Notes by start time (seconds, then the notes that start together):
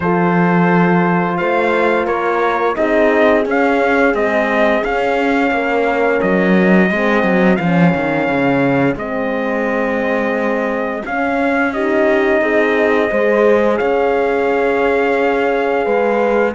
0.00 F3 F4 A4 C5
1.37 A3 C5 F5
2.06 A#3 A#4 C#5
2.75 C4 D#4 G#4 D#5
3.45 C#4 F5
4.14 G#3 C4 D#5
4.83 C#4 F5
5.50 A#3 A#4
6.21 F#3 D#5
6.90 G#3 C4 G#4
7.23 F#3
7.55 F3 C#4 F5
7.94 D#3
8.28 C#3
8.95 G#3 C4 D#5
11.05 C#4 F5
11.73 D#4 G4 D#5
12.41 C4 G#4
13.08 G#3 G#4 C5
13.77 C#4 C#5 F5
15.85 G#3 B4